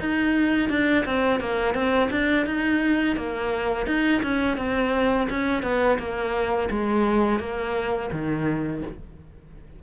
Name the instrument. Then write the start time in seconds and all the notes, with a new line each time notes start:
cello
0.00 D#4
0.70 D4
1.06 C4
1.41 A#3
1.75 C4
2.11 D4
2.46 D#4
3.17 A#3
3.87 D#4
4.23 C#4
4.58 C4
5.30 C#4
5.63 B3
5.99 A#3
6.71 G#3
7.40 A#3
8.12 D#3